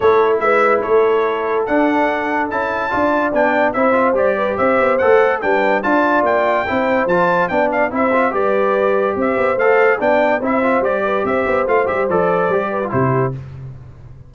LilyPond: <<
  \new Staff \with { instrumentName = "trumpet" } { \time 4/4 \tempo 4 = 144 cis''4 e''4 cis''2 | fis''2 a''2 | g''4 e''4 d''4 e''4 | fis''4 g''4 a''4 g''4~ |
g''4 a''4 g''8 f''8 e''4 | d''2 e''4 f''4 | g''4 e''4 d''4 e''4 | f''8 e''8 d''2 c''4 | }
  \new Staff \with { instrumentName = "horn" } { \time 4/4 a'4 b'4 a'2~ | a'2. d''4~ | d''4 c''4. b'8 c''4~ | c''4 b'4 d''2 |
c''2 d''4 c''4 | b'2 c''2 | d''4 c''4. b'8 c''4~ | c''2~ c''8 b'8 g'4 | }
  \new Staff \with { instrumentName = "trombone" } { \time 4/4 e'1 | d'2 e'4 f'4 | d'4 e'8 f'8 g'2 | a'4 d'4 f'2 |
e'4 f'4 d'4 e'8 f'8 | g'2. a'4 | d'4 e'8 f'8 g'2 | f'8 g'8 a'4 g'8. f'16 e'4 | }
  \new Staff \with { instrumentName = "tuba" } { \time 4/4 a4 gis4 a2 | d'2 cis'4 d'4 | b4 c'4 g4 c'8 b8 | a4 g4 d'4 ais4 |
c'4 f4 b4 c'4 | g2 c'8 b8 a4 | b4 c'4 g4 c'8 b8 | a8 g8 f4 g4 c4 | }
>>